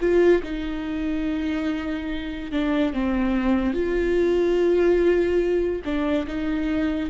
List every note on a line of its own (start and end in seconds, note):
0.00 0.42 F4
0.43 2.51 D#4
2.51 2.93 D4
2.93 3.73 C4
3.73 5.81 F4
5.84 6.26 D4
6.27 7.09 D#4